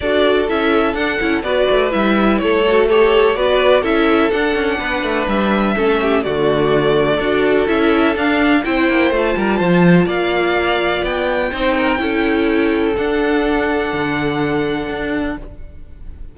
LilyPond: <<
  \new Staff \with { instrumentName = "violin" } { \time 4/4 \tempo 4 = 125 d''4 e''4 fis''4 d''4 | e''4 cis''4 a'4 d''4 | e''4 fis''2 e''4~ | e''4 d''2. |
e''4 f''4 g''4 a''4~ | a''4 f''2 g''4~ | g''2. fis''4~ | fis''1 | }
  \new Staff \with { instrumentName = "violin" } { \time 4/4 a'2. b'4~ | b'4 a'4 cis''4 b'4 | a'2 b'2 | a'8 g'8 fis'2 a'4~ |
a'2 c''4. ais'8 | c''4 d''2. | c''8 ais'8 a'2.~ | a'1 | }
  \new Staff \with { instrumentName = "viola" } { \time 4/4 fis'4 e'4 d'8 e'8 fis'4 | e'4. fis'8 g'4 fis'4 | e'4 d'2. | cis'4 a2 fis'4 |
e'4 d'4 e'4 f'4~ | f'1 | dis'4 e'2 d'4~ | d'1 | }
  \new Staff \with { instrumentName = "cello" } { \time 4/4 d'4 cis'4 d'8 cis'8 b8 a8 | g4 a2 b4 | cis'4 d'8 cis'8 b8 a8 g4 | a4 d2 d'4 |
cis'4 d'4 c'8 ais8 a8 g8 | f4 ais2 b4 | c'4 cis'2 d'4~ | d'4 d2 d'4 | }
>>